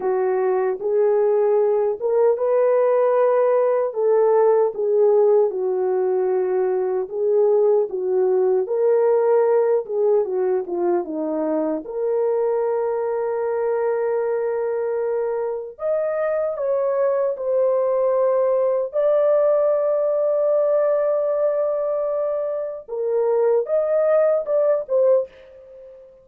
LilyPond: \new Staff \with { instrumentName = "horn" } { \time 4/4 \tempo 4 = 76 fis'4 gis'4. ais'8 b'4~ | b'4 a'4 gis'4 fis'4~ | fis'4 gis'4 fis'4 ais'4~ | ais'8 gis'8 fis'8 f'8 dis'4 ais'4~ |
ais'1 | dis''4 cis''4 c''2 | d''1~ | d''4 ais'4 dis''4 d''8 c''8 | }